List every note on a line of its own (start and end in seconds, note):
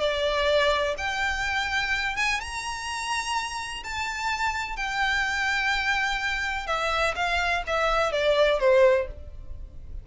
0.00 0.95 D5
0.98 2.17 G5
2.17 2.41 G#5
2.41 3.84 A#5
3.84 4.77 A5
4.77 6.67 G5
6.67 7.15 E5
7.16 7.64 F5
7.67 8.12 E5
8.12 8.60 D5
8.60 9.08 C5